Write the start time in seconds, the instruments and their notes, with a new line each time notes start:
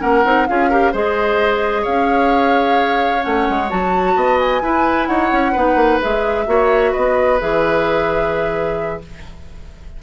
0.00 bassoon A#3, clarinet C#4, oboe A#4, flute F#5
0.25 bassoon C4, clarinet D#4
0.47 bassoon C#4, clarinet F4, oboe G#4, flute F5
0.70 clarinet G4, oboe A#4
0.92 bassoon G#3, clarinet G#4, oboe C5, flute D#5
1.82 bassoon C#4, oboe C#5, flute F5
3.20 bassoon A3, clarinet C#4, flute F#5
3.50 bassoon G#3
3.70 bassoon F#3, clarinet F#4, flute A5
4.16 bassoon B3, oboe D#5
4.39 flute G#5
4.62 bassoon E4, clarinet E4, oboe B4
5.07 bassoon D#4, oboe C#5, flute F#5
5.32 bassoon C#4
5.52 bassoon B3, clarinet D#4, oboe B4
5.76 bassoon A#3
6.02 bassoon G#3, clarinet G#4, flute E5
6.47 bassoon A#3, clarinet F#4, oboe C#5
6.92 bassoon B3, oboe B4, flute D#5
7.40 bassoon E3, clarinet G#4, flute E5